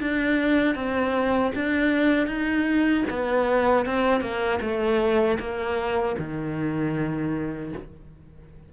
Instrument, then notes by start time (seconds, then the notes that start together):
cello
0.00 D4
0.74 C4
1.55 D4
2.27 D#4
3.09 B3
3.85 C4
4.21 A#3
4.61 A3
5.39 A#3
6.18 D#3